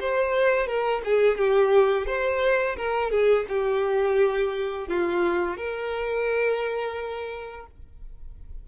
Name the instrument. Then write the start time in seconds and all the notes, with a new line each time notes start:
violin
0.00 C5
0.67 A#4
1.04 G#4
1.37 G4
2.06 C5
2.76 A#4
3.10 G#4
3.48 G4
4.87 F4
5.57 A#4